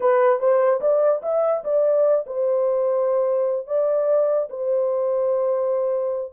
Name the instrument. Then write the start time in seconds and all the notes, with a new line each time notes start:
horn
0.00 B4
0.39 C5
0.81 D5
1.22 E5
1.64 D5
2.26 C5
3.67 D5
4.49 C5